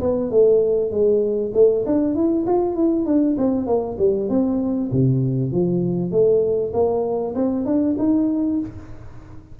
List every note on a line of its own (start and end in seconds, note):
0.00 0.30 B3
0.30 0.90 A3
0.90 1.52 G#3
1.54 1.85 A3
1.86 2.15 D4
2.15 2.45 E4
2.46 2.75 F4
2.75 3.06 E4
3.06 3.36 D4
3.37 3.66 C4
3.66 3.97 A#3
3.98 4.29 G3
4.29 4.90 C4
4.91 5.52 C3
5.52 6.11 F3
6.11 6.72 A3
6.73 7.34 A#3
7.35 7.65 C4
7.65 7.96 D4
7.98 8.60 D#4